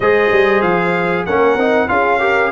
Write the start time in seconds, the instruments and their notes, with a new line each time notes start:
0.00 tuba G#3, trombone G#4, horn C5, trumpet D#5
0.31 tuba G3
0.61 tuba F3, trumpet F5
1.25 tuba A#3, trombone C#4, horn A#4, trumpet F#5
1.56 tuba C4, trombone D#4
1.88 tuba C#4, trombone F4, horn G#4, trumpet F5
2.19 trombone G4, horn A#4